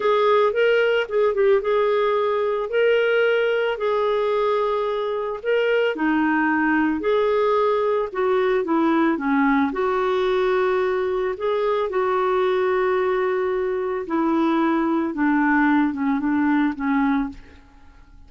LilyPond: \new Staff \with { instrumentName = "clarinet" } { \time 4/4 \tempo 4 = 111 gis'4 ais'4 gis'8 g'8 gis'4~ | gis'4 ais'2 gis'4~ | gis'2 ais'4 dis'4~ | dis'4 gis'2 fis'4 |
e'4 cis'4 fis'2~ | fis'4 gis'4 fis'2~ | fis'2 e'2 | d'4. cis'8 d'4 cis'4 | }